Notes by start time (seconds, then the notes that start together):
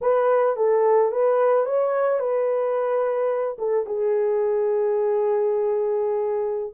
0.01 B4
0.56 A4
1.11 B4
1.65 C#5
2.19 B4
3.58 A4
3.86 G#4